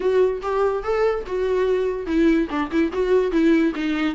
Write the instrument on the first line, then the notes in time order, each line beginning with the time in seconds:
viola
0.00 F#4
0.42 G4
0.83 A4
1.26 F#4
2.06 E4
2.49 D4
2.71 E4
2.92 F#4
3.31 E4
3.75 D#4